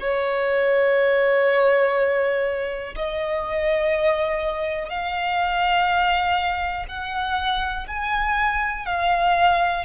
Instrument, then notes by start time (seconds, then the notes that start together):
violin
0.00 C#5
2.96 D#5
4.89 F5
6.88 F#5
7.87 G#5
8.86 F5